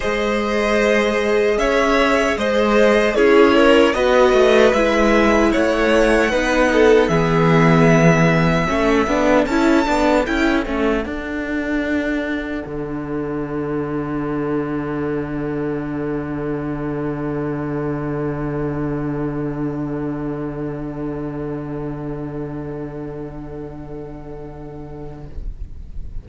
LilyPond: <<
  \new Staff \with { instrumentName = "violin" } { \time 4/4 \tempo 4 = 76 dis''2 e''4 dis''4 | cis''4 dis''4 e''4 fis''4~ | fis''4 e''2. | a''4 g''8 fis''2~ fis''8~ |
fis''1~ | fis''1~ | fis''1~ | fis''1 | }
  \new Staff \with { instrumentName = "violin" } { \time 4/4 c''2 cis''4 c''4 | gis'8 ais'8 b'2 cis''4 | b'8 a'8 gis'2 a'4~ | a'1~ |
a'1~ | a'1~ | a'1~ | a'1 | }
  \new Staff \with { instrumentName = "viola" } { \time 4/4 gis'1 | e'4 fis'4 e'2 | dis'4 b2 cis'8 d'8 | e'8 d'8 e'8 cis'8 d'2~ |
d'1~ | d'1~ | d'1~ | d'1 | }
  \new Staff \with { instrumentName = "cello" } { \time 4/4 gis2 cis'4 gis4 | cis'4 b8 a8 gis4 a4 | b4 e2 a8 b8 | cis'8 b8 cis'8 a8 d'2 |
d1~ | d1~ | d1~ | d1 | }
>>